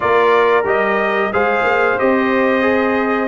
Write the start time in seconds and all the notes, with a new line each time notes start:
0.00 A#3 F4 A#4 D5
0.64 G3 G4 D#5
1.32 G#3 G#4 C5 F5
1.63 A#3
1.98 C4 G4 D#5
2.61 G#4